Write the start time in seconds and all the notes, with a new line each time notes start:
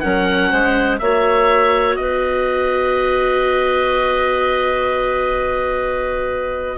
0.00 F#3 C#4 A#4 F#5
0.50 G#3 C5
0.99 A#3 F#4 C#5 E5
1.96 B3 B4 D#5